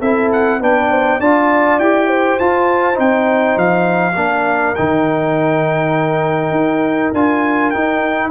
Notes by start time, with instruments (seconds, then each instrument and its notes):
0.00 tuba C4, trombone E4, horn A4, trumpet E5
0.32 trumpet F#5
0.60 tuba B3, trombone D4, horn B4, trumpet G5
0.90 horn C5
1.19 tuba D4, trombone F4, horn D5, trumpet A5
1.79 tuba E4, trombone G4, trumpet G5
2.07 horn C5
2.39 tuba F4, trombone F4, trumpet A5
2.94 tuba C4, trombone D#4, trumpet G5
3.56 tuba F3, trumpet F5
4.15 tuba A#3, trombone D4, horn A#4
4.75 tuba D#3, trombone D#4, trumpet G5
6.50 tuba D#4
7.13 tuba D4, trombone F4, trumpet G#5
7.70 trombone D#4, tuba D#4, trumpet G5